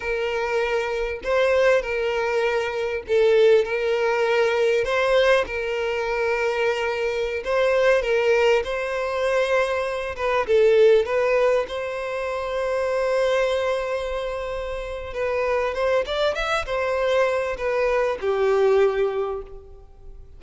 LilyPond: \new Staff \with { instrumentName = "violin" } { \time 4/4 \tempo 4 = 99 ais'2 c''4 ais'4~ | ais'4 a'4 ais'2 | c''4 ais'2.~ | ais'16 c''4 ais'4 c''4.~ c''16~ |
c''8. b'8 a'4 b'4 c''8.~ | c''1~ | c''4 b'4 c''8 d''8 e''8 c''8~ | c''4 b'4 g'2 | }